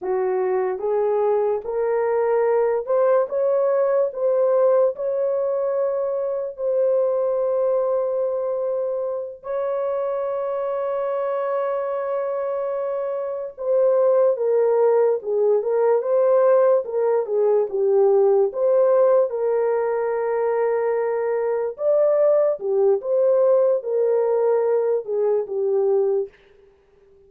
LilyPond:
\new Staff \with { instrumentName = "horn" } { \time 4/4 \tempo 4 = 73 fis'4 gis'4 ais'4. c''8 | cis''4 c''4 cis''2 | c''2.~ c''8 cis''8~ | cis''1~ |
cis''8 c''4 ais'4 gis'8 ais'8 c''8~ | c''8 ais'8 gis'8 g'4 c''4 ais'8~ | ais'2~ ais'8 d''4 g'8 | c''4 ais'4. gis'8 g'4 | }